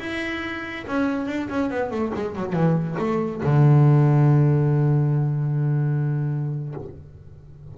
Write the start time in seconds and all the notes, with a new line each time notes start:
0.00 E4
0.88 C#4
1.27 D4
1.49 C#4
1.71 B3
1.91 A3
2.15 G#3
2.36 F#3
2.53 E3
2.99 A3
3.43 D3